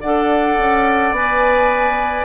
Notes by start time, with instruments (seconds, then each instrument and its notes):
0.00 bassoon D4, clarinet A4, oboe D5, flute F#5
0.58 bassoon C#4
1.11 bassoon B3, clarinet B4, flute G#5